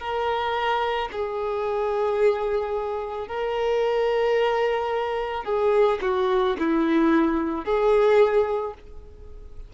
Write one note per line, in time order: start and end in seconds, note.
0.00 1.09 A#4
1.13 3.28 G#4
3.28 5.44 A#4
5.44 5.99 G#4
6.02 6.57 F#4
6.60 7.65 E4
7.65 8.74 G#4